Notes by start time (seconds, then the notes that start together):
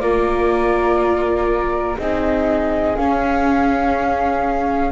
0.00 A#3 F4 A#4 D5
1.99 C4 D#4 G#4 D#5
2.96 C#4 F5